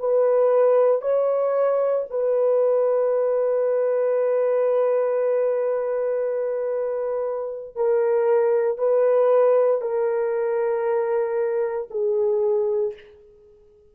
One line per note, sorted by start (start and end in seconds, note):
0.00 1.02 B4
1.02 2.05 C#5
2.10 7.76 B4
7.76 8.78 A#4
8.78 9.81 B4
9.81 11.88 A#4
11.91 12.94 G#4